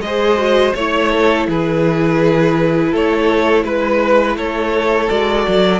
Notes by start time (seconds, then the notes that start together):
0.00 G#3 G#4 C5 D#5
0.38 F#4
0.74 A3 E4 C#5
1.11 A4
1.47 E3 G#4 B4
2.91 A3 A4 C#5
3.64 G#3 B4
4.36 A3 A4 C#5
5.09 G#3 F#4 D5
5.47 F#3